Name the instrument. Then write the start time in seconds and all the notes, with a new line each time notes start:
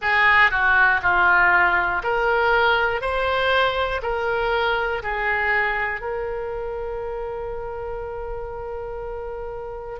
oboe
0.01 G#4
0.50 F#4
1.02 F4
2.03 A#4
3.00 C5
4.02 A#4
5.02 G#4
6.00 A#4